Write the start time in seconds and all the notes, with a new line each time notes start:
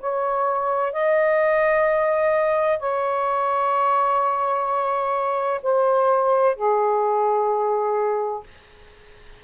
0.00 C#5
0.92 D#5
2.79 C#5
5.62 C5
6.56 G#4